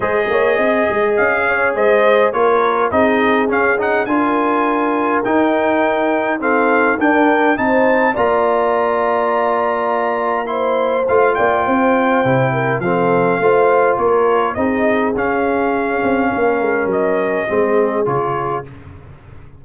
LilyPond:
<<
  \new Staff \with { instrumentName = "trumpet" } { \time 4/4 \tempo 4 = 103 dis''2 f''4 dis''4 | cis''4 dis''4 f''8 fis''8 gis''4~ | gis''4 g''2 f''4 | g''4 a''4 ais''2~ |
ais''2 c'''4 f''8 g''8~ | g''2 f''2 | cis''4 dis''4 f''2~ | f''4 dis''2 cis''4 | }
  \new Staff \with { instrumentName = "horn" } { \time 4/4 c''8 cis''8 dis''4. cis''8 c''4 | ais'4 gis'2 ais'4~ | ais'2. a'4 | ais'4 c''4 d''2~ |
d''2 c''4. d''8 | c''4. ais'8 a'4 c''4 | ais'4 gis'2. | ais'2 gis'2 | }
  \new Staff \with { instrumentName = "trombone" } { \time 4/4 gis'1 | f'4 dis'4 cis'8 dis'8 f'4~ | f'4 dis'2 c'4 | d'4 dis'4 f'2~ |
f'2 e'4 f'4~ | f'4 e'4 c'4 f'4~ | f'4 dis'4 cis'2~ | cis'2 c'4 f'4 | }
  \new Staff \with { instrumentName = "tuba" } { \time 4/4 gis8 ais8 c'8 gis8 cis'4 gis4 | ais4 c'4 cis'4 d'4~ | d'4 dis'2. | d'4 c'4 ais2~ |
ais2. a8 ais8 | c'4 c4 f4 a4 | ais4 c'4 cis'4. c'8 | ais8 gis8 fis4 gis4 cis4 | }
>>